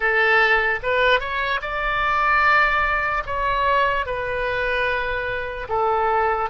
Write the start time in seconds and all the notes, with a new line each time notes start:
0.00 A4
0.82 B4
1.19 C#5
1.61 D5
3.25 C#5
4.05 B4
5.68 A4